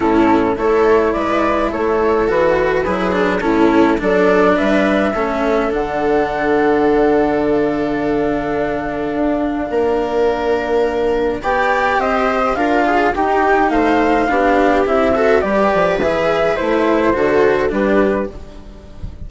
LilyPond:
<<
  \new Staff \with { instrumentName = "flute" } { \time 4/4 \tempo 4 = 105 a'4 cis''4 d''4 cis''4 | b'2 a'4 d''4 | e''2 fis''2~ | fis''4 f''2.~ |
f''1 | g''4 dis''4 f''4 g''4 | f''2 e''4 d''4 | e''4 c''2 b'4 | }
  \new Staff \with { instrumentName = "viola" } { \time 4/4 e'4 a'4 b'4 a'4~ | a'4 gis'4 e'4 a'4 | b'4 a'2.~ | a'1~ |
a'4 ais'2. | d''4 c''4 ais'8 gis'8 g'4 | c''4 g'4. a'8 b'4~ | b'2 a'4 g'4 | }
  \new Staff \with { instrumentName = "cello" } { \time 4/4 cis'4 e'2. | fis'4 e'8 d'8 cis'4 d'4~ | d'4 cis'4 d'2~ | d'1~ |
d'1 | g'2 f'4 dis'4~ | dis'4 d'4 e'8 fis'8 g'4 | gis'4 e'4 fis'4 d'4 | }
  \new Staff \with { instrumentName = "bassoon" } { \time 4/4 a,4 a4 gis4 a4 | e4 fis4 a,4 fis4 | g4 a4 d2~ | d1 |
d'4 ais2. | b4 c'4 d'4 dis'4 | a4 b4 c'4 g8 f8 | e4 a4 d4 g4 | }
>>